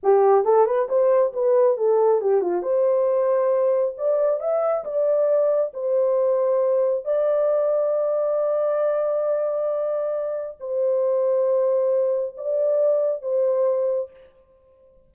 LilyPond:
\new Staff \with { instrumentName = "horn" } { \time 4/4 \tempo 4 = 136 g'4 a'8 b'8 c''4 b'4 | a'4 g'8 f'8 c''2~ | c''4 d''4 e''4 d''4~ | d''4 c''2. |
d''1~ | d''1 | c''1 | d''2 c''2 | }